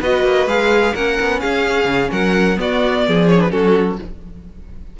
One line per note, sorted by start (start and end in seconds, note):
0.00 0.24 B3
0.00 0.49 F#4
0.00 0.93 B4
0.00 0.49 D#5
0.24 0.47 A#3
0.47 0.94 G#3
0.47 0.96 G#4
0.47 0.95 F5
0.93 1.19 A#3
0.93 2.57 C#4
0.93 1.40 A#4
0.93 1.40 F#5
1.21 1.44 B3
1.40 1.85 C#4
1.40 2.11 G#4
1.40 2.11 F5
1.85 2.09 C#3
2.12 2.59 F#3
2.12 2.59 A#4
2.12 2.60 F#5
2.57 3.27 B3
2.57 3.08 B3
2.57 3.08 F#4
2.57 3.30 D5
3.08 3.52 F3
3.08 3.53 G#4
3.29 3.38 C#4
3.29 3.41 C#5
3.38 3.49 D4
3.38 3.51 B4
3.50 3.99 F#3
3.50 3.97 C#4
3.50 4.00 F#4
3.50 3.98 A4